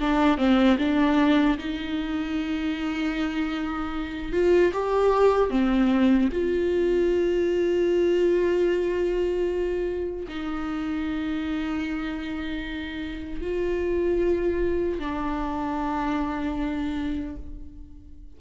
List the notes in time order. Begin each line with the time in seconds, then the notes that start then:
0.00 D4
0.38 C4
0.79 D4
1.58 D#4
4.32 F4
4.73 G4
5.50 C4
6.32 F4
10.28 D#4
13.41 F4
14.99 D4